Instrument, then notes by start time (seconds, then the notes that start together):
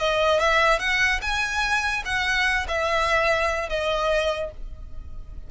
violin
0.00 D#5
0.40 E5
0.80 F#5
1.22 G#5
2.06 F#5
2.68 E5
3.70 D#5